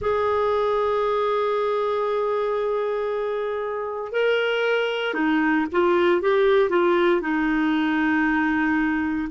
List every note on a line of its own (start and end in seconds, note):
0.00 4.11 G#4
4.11 5.14 A#4
5.14 5.66 D#4
5.72 6.21 F4
6.21 6.70 G4
6.70 7.21 F4
7.21 9.28 D#4